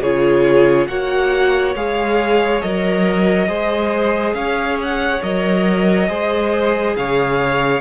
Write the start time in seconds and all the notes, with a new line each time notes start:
0.00 C#3 F4 G#4 C#5
0.87 A#3 F#4 C#5 F#5
1.74 G#3 G#4 F5
2.61 F#3 A#4 D#5
3.47 G#3 G#4 C5
4.33 C#4 C#5 F5
4.82 F#5
5.22 F#3 A#4 D#5
6.08 G#3 G#4 C5
6.96 C#3 C#5 F5